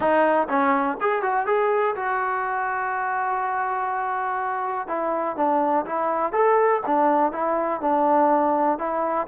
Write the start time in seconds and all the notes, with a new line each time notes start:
0.00 D#4
0.48 C#4
1.00 G#4
1.22 F#4
1.46 G#4
1.95 F#4
4.87 E4
5.36 D4
5.85 E4
6.32 A4
6.86 D4
7.32 E4
7.80 D4
8.78 E4